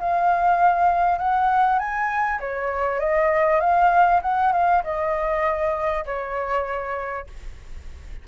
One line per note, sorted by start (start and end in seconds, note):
0.00 1.19 F5
1.19 1.79 F#5
1.79 2.40 G#5
2.40 3.00 C#5
3.00 3.61 D#5
3.61 4.21 F5
4.22 4.53 F#5
4.53 4.83 F5
4.84 6.05 D#5
6.06 7.27 C#5